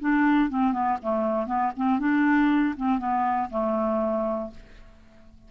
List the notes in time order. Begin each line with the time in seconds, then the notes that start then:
0.00 D4
0.50 C4
0.72 B3
1.02 A3
1.46 B3
1.76 C4
1.99 D4
2.76 C4
2.99 B3
3.50 A3